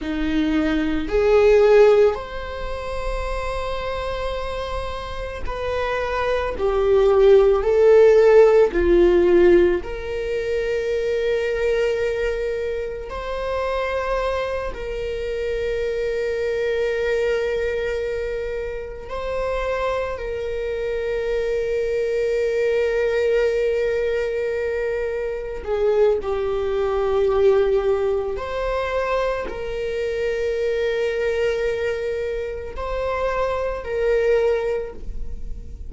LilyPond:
\new Staff \with { instrumentName = "viola" } { \time 4/4 \tempo 4 = 55 dis'4 gis'4 c''2~ | c''4 b'4 g'4 a'4 | f'4 ais'2. | c''4. ais'2~ ais'8~ |
ais'4. c''4 ais'4.~ | ais'2.~ ais'8 gis'8 | g'2 c''4 ais'4~ | ais'2 c''4 ais'4 | }